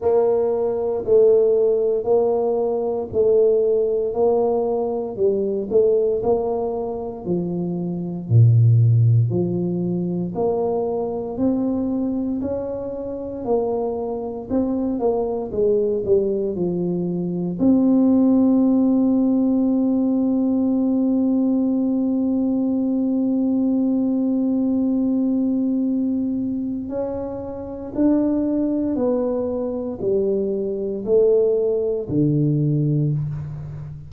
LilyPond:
\new Staff \with { instrumentName = "tuba" } { \time 4/4 \tempo 4 = 58 ais4 a4 ais4 a4 | ais4 g8 a8 ais4 f4 | ais,4 f4 ais4 c'4 | cis'4 ais4 c'8 ais8 gis8 g8 |
f4 c'2.~ | c'1~ | c'2 cis'4 d'4 | b4 g4 a4 d4 | }